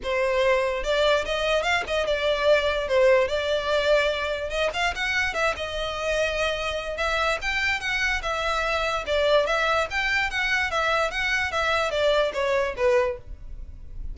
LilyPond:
\new Staff \with { instrumentName = "violin" } { \time 4/4 \tempo 4 = 146 c''2 d''4 dis''4 | f''8 dis''8 d''2 c''4 | d''2. dis''8 f''8 | fis''4 e''8 dis''2~ dis''8~ |
dis''4 e''4 g''4 fis''4 | e''2 d''4 e''4 | g''4 fis''4 e''4 fis''4 | e''4 d''4 cis''4 b'4 | }